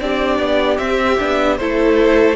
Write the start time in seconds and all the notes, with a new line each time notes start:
0.00 C4 D4 G4 D5
0.39 B3
0.78 C4 E5
1.19 B3 D4
1.57 A3 E4 A4 C5